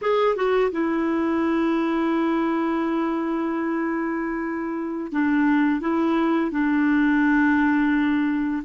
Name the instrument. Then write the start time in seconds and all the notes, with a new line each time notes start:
clarinet
0.01 G#4
0.36 F#4
0.71 E4
5.12 D4
5.80 E4
6.51 D4